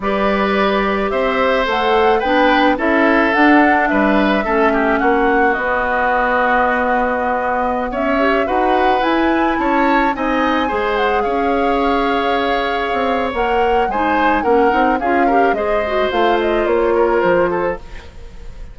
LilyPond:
<<
  \new Staff \with { instrumentName = "flute" } { \time 4/4 \tempo 4 = 108 d''2 e''4 fis''4 | g''4 e''4 fis''4 e''4~ | e''4 fis''4 dis''2~ | dis''2~ dis''16 e''4 fis''8.~ |
fis''16 gis''4 a''4 gis''4. fis''16~ | fis''16 f''2.~ f''8. | fis''4 gis''4 fis''4 f''4 | dis''4 f''8 dis''8 cis''4 c''4 | }
  \new Staff \with { instrumentName = "oboe" } { \time 4/4 b'2 c''2 | b'4 a'2 b'4 | a'8 g'8 fis'2.~ | fis'2~ fis'16 cis''4 b'8.~ |
b'4~ b'16 cis''4 dis''4 c''8.~ | c''16 cis''2.~ cis''8.~ | cis''4 c''4 ais'4 gis'8 ais'8 | c''2~ c''8 ais'4 a'8 | }
  \new Staff \with { instrumentName = "clarinet" } { \time 4/4 g'2. a'4 | d'4 e'4 d'2 | cis'2 b2~ | b2~ b8. g'8 fis'8.~ |
fis'16 e'2 dis'4 gis'8.~ | gis'1 | ais'4 dis'4 cis'8 dis'8 f'8 g'8 | gis'8 fis'8 f'2. | }
  \new Staff \with { instrumentName = "bassoon" } { \time 4/4 g2 c'4 a4 | b4 cis'4 d'4 g4 | a4 ais4 b2~ | b2~ b16 cis'4 dis'8.~ |
dis'16 e'4 cis'4 c'4 gis8.~ | gis16 cis'2. c'8. | ais4 gis4 ais8 c'8 cis'4 | gis4 a4 ais4 f4 | }
>>